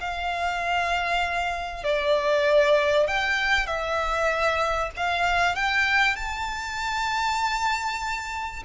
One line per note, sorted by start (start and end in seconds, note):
0.00 1.83 F5
1.83 3.07 D5
3.07 3.66 G5
3.66 4.90 E5
4.96 5.55 F5
5.55 6.15 G5
6.15 8.63 A5